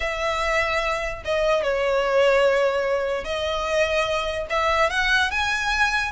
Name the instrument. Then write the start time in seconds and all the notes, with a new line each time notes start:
violin
0.00 E5
1.24 D#5
1.62 C#5
3.24 D#5
4.49 E5
4.90 F#5
5.30 G#5